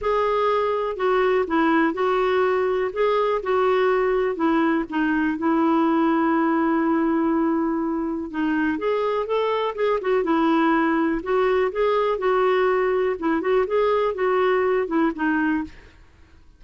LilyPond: \new Staff \with { instrumentName = "clarinet" } { \time 4/4 \tempo 4 = 123 gis'2 fis'4 e'4 | fis'2 gis'4 fis'4~ | fis'4 e'4 dis'4 e'4~ | e'1~ |
e'4 dis'4 gis'4 a'4 | gis'8 fis'8 e'2 fis'4 | gis'4 fis'2 e'8 fis'8 | gis'4 fis'4. e'8 dis'4 | }